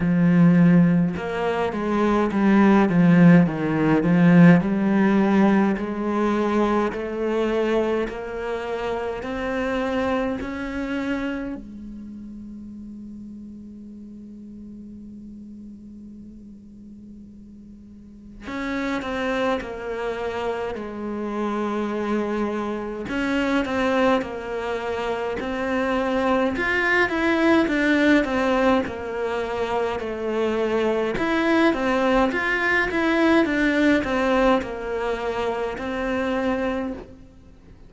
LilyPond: \new Staff \with { instrumentName = "cello" } { \time 4/4 \tempo 4 = 52 f4 ais8 gis8 g8 f8 dis8 f8 | g4 gis4 a4 ais4 | c'4 cis'4 gis2~ | gis1 |
cis'8 c'8 ais4 gis2 | cis'8 c'8 ais4 c'4 f'8 e'8 | d'8 c'8 ais4 a4 e'8 c'8 | f'8 e'8 d'8 c'8 ais4 c'4 | }